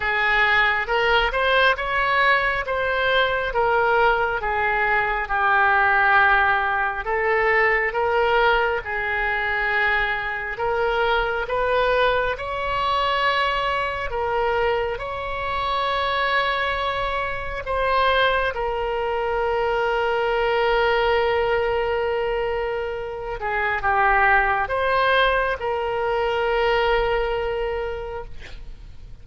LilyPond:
\new Staff \with { instrumentName = "oboe" } { \time 4/4 \tempo 4 = 68 gis'4 ais'8 c''8 cis''4 c''4 | ais'4 gis'4 g'2 | a'4 ais'4 gis'2 | ais'4 b'4 cis''2 |
ais'4 cis''2. | c''4 ais'2.~ | ais'2~ ais'8 gis'8 g'4 | c''4 ais'2. | }